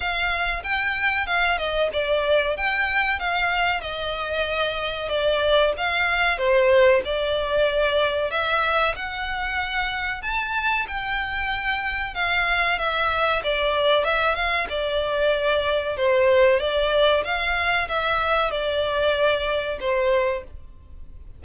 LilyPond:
\new Staff \with { instrumentName = "violin" } { \time 4/4 \tempo 4 = 94 f''4 g''4 f''8 dis''8 d''4 | g''4 f''4 dis''2 | d''4 f''4 c''4 d''4~ | d''4 e''4 fis''2 |
a''4 g''2 f''4 | e''4 d''4 e''8 f''8 d''4~ | d''4 c''4 d''4 f''4 | e''4 d''2 c''4 | }